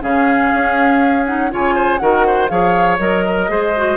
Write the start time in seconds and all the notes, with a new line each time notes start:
0.00 C#3 C#4 G#4 F5
0.54 C#4
1.26 D#4 F#5
1.51 C#3 F4 C#5 G#5
1.75 C5
1.98 D#3 F#4 A#4 F#5
2.26 C5
2.48 F3 G#4 C#5 F5
2.98 F#3 A#4 D#5
3.25 A#4
3.48 G#3 G#4 C5
3.76 F#4